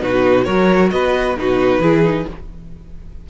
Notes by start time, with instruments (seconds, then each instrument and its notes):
0.00 cello B2, viola D#4, violin F#4 B4
0.44 cello F#3, viola F#4, violin A#4 C#5
0.91 cello B3, violin B4 D#5
1.37 cello B2, viola D#4, violin F#4 B4
1.79 cello E3, viola E4, violin G#4
2.03 viola D#4